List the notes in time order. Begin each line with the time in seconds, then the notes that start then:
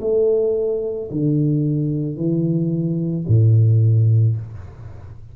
0.00 A3
1.11 D3
2.16 E3
3.27 A2